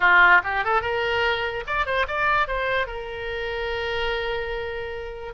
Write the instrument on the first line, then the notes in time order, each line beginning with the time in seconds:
oboe
0.00 F4
0.43 G4
0.64 A4
0.81 A#4
1.66 D5
1.85 C5
2.07 D5
2.47 C5
2.87 A#4